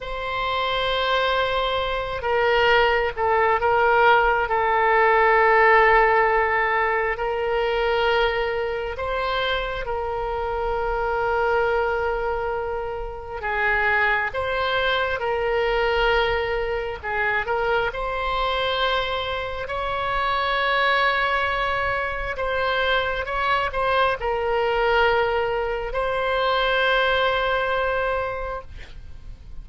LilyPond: \new Staff \with { instrumentName = "oboe" } { \time 4/4 \tempo 4 = 67 c''2~ c''8 ais'4 a'8 | ais'4 a'2. | ais'2 c''4 ais'4~ | ais'2. gis'4 |
c''4 ais'2 gis'8 ais'8 | c''2 cis''2~ | cis''4 c''4 cis''8 c''8 ais'4~ | ais'4 c''2. | }